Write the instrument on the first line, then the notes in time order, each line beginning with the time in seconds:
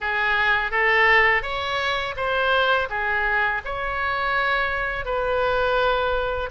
oboe
0.00 G#4
0.71 A4
1.42 C#5
2.16 C5
2.89 G#4
3.64 C#5
5.05 B4